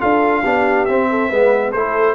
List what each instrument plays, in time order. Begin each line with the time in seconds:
0.00 tuba D4, trombone F4, horn A4, trumpet F5
0.44 tuba B3, trombone D4, horn G4
0.85 tuba C4, trombone C4, trumpet E5
1.10 horn A4
1.29 tuba G#3, trombone B3, horn B4
1.72 tuba A3, trombone E4, horn A4, trumpet C5